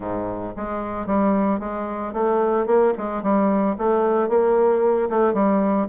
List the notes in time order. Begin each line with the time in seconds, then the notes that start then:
0.00 G#2
0.56 G#3
1.06 G3
1.59 G#3
2.13 A3
2.66 A#3
2.97 G#3
3.22 G3
3.78 A3
4.29 A#3
5.09 A3
5.33 G3